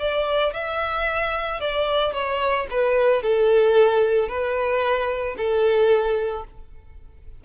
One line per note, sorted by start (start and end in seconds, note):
0.00 0.54 D5
0.54 1.61 E5
1.61 2.13 D5
2.13 2.67 C#5
2.71 3.23 B4
3.23 4.29 A4
4.29 5.36 B4
5.37 6.44 A4